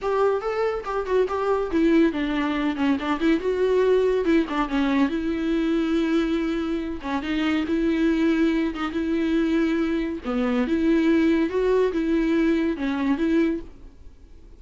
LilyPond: \new Staff \with { instrumentName = "viola" } { \time 4/4 \tempo 4 = 141 g'4 a'4 g'8 fis'8 g'4 | e'4 d'4. cis'8 d'8 e'8 | fis'2 e'8 d'8 cis'4 | e'1~ |
e'8 cis'8 dis'4 e'2~ | e'8 dis'8 e'2. | b4 e'2 fis'4 | e'2 cis'4 e'4 | }